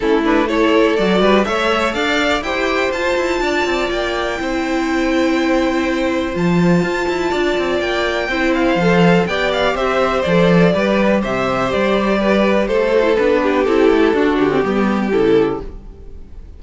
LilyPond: <<
  \new Staff \with { instrumentName = "violin" } { \time 4/4 \tempo 4 = 123 a'8 b'8 cis''4 d''4 e''4 | f''4 g''4 a''2 | g''1~ | g''4 a''2. |
g''4. f''4. g''8 f''8 | e''4 d''2 e''4 | d''2 c''4 b'4 | a'4. g'4. a'4 | }
  \new Staff \with { instrumentName = "violin" } { \time 4/4 e'4 a'4. b'8 cis''4 | d''4 c''2 d''4~ | d''4 c''2.~ | c''2. d''4~ |
d''4 c''2 d''4 | c''2 b'4 c''4~ | c''4 b'4 a'4. g'8~ | g'4 fis'4 g'2 | }
  \new Staff \with { instrumentName = "viola" } { \time 4/4 cis'8 d'8 e'4 fis'4 a'4~ | a'4 g'4 f'2~ | f'4 e'2.~ | e'4 f'2.~ |
f'4 e'4 a'4 g'4~ | g'4 a'4 g'2~ | g'2~ g'8 fis'16 e'16 d'4 | e'4 d'8. c'16 b4 e'4 | }
  \new Staff \with { instrumentName = "cello" } { \time 4/4 a2 fis8 g8 a4 | d'4 e'4 f'8 e'8 d'8 c'8 | ais4 c'2.~ | c'4 f4 f'8 e'8 d'8 c'8 |
ais4 c'4 f4 b4 | c'4 f4 g4 c4 | g2 a4 b4 | c'8 a8 d'8 d8 g4 cis4 | }
>>